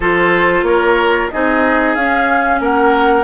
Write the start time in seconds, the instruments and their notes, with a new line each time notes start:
0.00 bassoon F3, clarinet F4, oboe A4, flute C5
0.62 bassoon A#3, oboe A#4, flute C#5
1.30 bassoon C4, clarinet D#4, oboe G#4, flute D#5
1.95 bassoon C#4, clarinet C#4, flute F5
2.60 bassoon A#3, oboe A#4, flute F#5